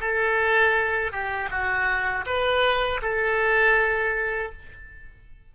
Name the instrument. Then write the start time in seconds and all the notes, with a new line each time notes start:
oboe
0.00 A4
1.12 G4
1.50 F#4
2.25 B4
3.01 A4